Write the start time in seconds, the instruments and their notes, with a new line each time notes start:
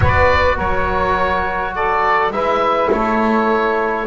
0.00 double bass B3, trombone F#4, saxophone B4, oboe D5
0.56 double bass F#3, saxophone A#4, oboe C#5
1.75 saxophone A4, oboe D5
2.30 double bass G#3, trombone E4, saxophone B4, oboe E5
2.92 double bass A3, saxophone A4, oboe C#5